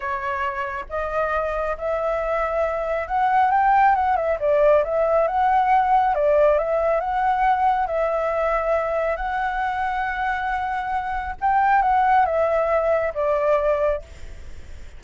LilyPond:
\new Staff \with { instrumentName = "flute" } { \time 4/4 \tempo 4 = 137 cis''2 dis''2 | e''2. fis''4 | g''4 fis''8 e''8 d''4 e''4 | fis''2 d''4 e''4 |
fis''2 e''2~ | e''4 fis''2.~ | fis''2 g''4 fis''4 | e''2 d''2 | }